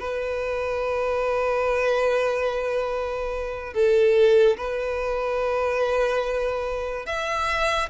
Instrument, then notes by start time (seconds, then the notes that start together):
violin
0.00 B4
3.74 A4
4.58 B4
7.06 E5